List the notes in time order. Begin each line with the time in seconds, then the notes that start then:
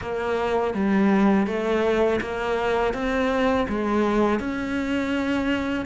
0.01 A#3
0.74 G3
1.46 A3
2.21 A#3
2.93 C4
3.68 G#3
4.39 C#4